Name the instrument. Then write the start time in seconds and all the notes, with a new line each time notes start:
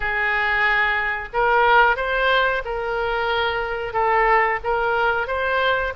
oboe
0.00 G#4
1.33 A#4
1.96 C5
2.64 A#4
3.93 A4
4.63 A#4
5.27 C5